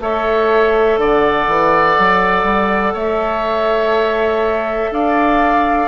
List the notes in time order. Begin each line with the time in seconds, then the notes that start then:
0.00 A3 A4 C#5 E5
0.98 D3 D5 F#5
1.48 E3
1.98 F#3
2.44 G3
2.94 A3 C#5 E5
4.91 D4 D5 F5